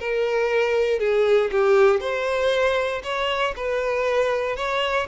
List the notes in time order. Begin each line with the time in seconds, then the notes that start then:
0.00 A#4
1.00 G#4
1.52 G4
2.00 C5
3.04 C#5
3.56 B4
4.56 C#5